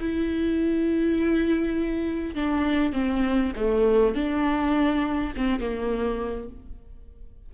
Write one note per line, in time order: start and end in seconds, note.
0.00 2.35 E4
2.35 2.93 D4
2.93 3.52 C4
3.56 4.15 A3
4.15 5.34 D4
5.37 5.60 C4
5.60 6.49 A#3